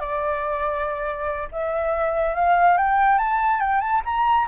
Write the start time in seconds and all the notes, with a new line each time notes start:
0.00 D5
1.52 E5
2.35 F5
2.78 G5
3.18 A5
3.61 G5
3.81 A5
4.05 A#5